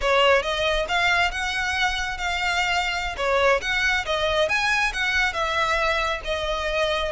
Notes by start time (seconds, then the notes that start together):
0.01 C#5
0.42 D#5
0.88 F5
1.31 F#5
2.17 F5
3.17 C#5
3.61 F#5
4.05 D#5
4.48 G#5
4.93 F#5
5.33 E5
6.24 D#5